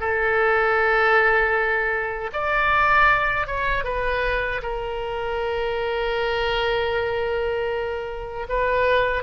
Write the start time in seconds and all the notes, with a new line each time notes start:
0.00 A4
2.33 D5
3.47 C#5
3.84 B4
4.62 A#4
8.49 B4